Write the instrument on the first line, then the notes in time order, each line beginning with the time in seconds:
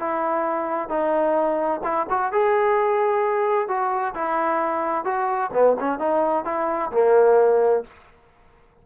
trombone
0.00 E4
0.89 D#4
1.84 E4
2.10 F#4
2.33 G#4
3.69 F#4
4.15 E4
5.05 F#4
5.54 B3
5.80 C#4
6.00 D#4
6.45 E4
6.92 A#3